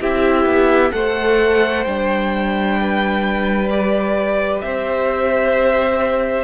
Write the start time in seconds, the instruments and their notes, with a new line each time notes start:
0.00 cello C4, viola E4, violin G4 E5
0.45 cello B3
0.91 cello A3, viola A4, violin C5 F#5
1.84 cello G3, viola D4, violin G5
2.80 violin B4
3.69 viola G4, violin D5
4.61 cello C4, violin C5 E5